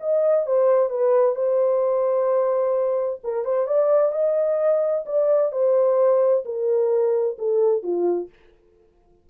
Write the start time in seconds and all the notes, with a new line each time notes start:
0.00 D#5
0.47 C5
0.89 B4
1.35 C5
3.23 A#4
3.45 C5
3.67 D5
4.12 D#5
5.06 D5
5.52 C5
6.45 A#4
7.38 A4
7.83 F4